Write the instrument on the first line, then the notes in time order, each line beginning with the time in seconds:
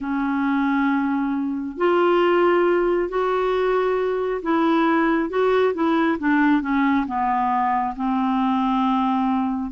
clarinet
0.00 C#4
1.77 F4
3.08 F#4
4.42 E4
5.29 F#4
5.74 E4
6.18 D4
6.61 C#4
7.06 B3
7.96 C4